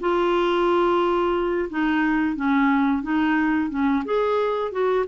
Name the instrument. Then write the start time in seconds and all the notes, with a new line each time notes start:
clarinet
0.00 F4
1.69 D#4
2.35 C#4
3.02 D#4
3.70 C#4
4.04 G#4
4.71 F#4